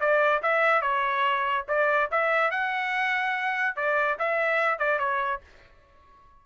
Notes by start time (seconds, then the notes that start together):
0.00 D5
0.43 E5
0.81 C#5
1.68 D5
2.11 E5
2.51 F#5
3.76 D5
4.19 E5
4.79 D5
4.99 C#5